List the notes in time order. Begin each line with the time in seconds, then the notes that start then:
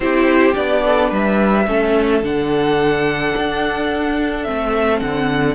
0.00 C4 E4 G4 C5
0.53 B3 D4 D5
0.85 A4
1.08 G3 B4 E5
1.67 A3 C#4 A4
2.22 D3 D4 F#5
3.37 D4
4.43 A3 C4 E5
4.99 D3 F#5